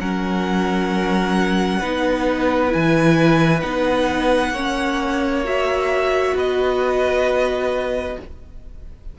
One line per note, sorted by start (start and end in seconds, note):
0.00 1.82 F#3
0.00 1.83 C#4
0.00 1.79 A#4
0.00 2.73 F#5
1.79 2.74 B3
1.79 2.69 D#4
1.79 4.52 B4
2.69 3.59 E4
2.69 3.61 G#5
2.75 3.63 E3
3.61 4.51 B3
3.61 4.53 D#4
3.61 5.42 F#5
4.51 6.33 A#3
4.51 5.45 C#4
4.51 6.34 C#5
5.45 8.17 F#4
5.45 6.37 E5
6.34 8.16 B3
6.34 8.18 B4
6.34 8.20 D#5